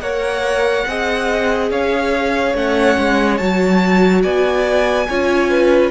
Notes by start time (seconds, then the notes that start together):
0.00 A#3 A#4 C#5 F#5
0.86 C4 G#4 D#5
1.71 C#4 C#5 F5
2.54 A3 C#4 F#5
2.98 G#3
3.37 F#3 F#4 A5
4.22 B3 D5 G#5
5.09 C#4 F4 C#5
5.50 B4